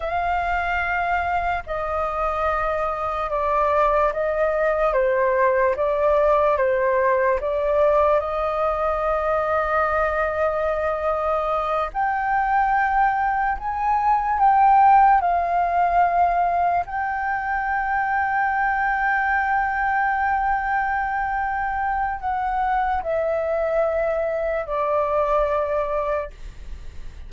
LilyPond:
\new Staff \with { instrumentName = "flute" } { \time 4/4 \tempo 4 = 73 f''2 dis''2 | d''4 dis''4 c''4 d''4 | c''4 d''4 dis''2~ | dis''2~ dis''8 g''4.~ |
g''8 gis''4 g''4 f''4.~ | f''8 g''2.~ g''8~ | g''2. fis''4 | e''2 d''2 | }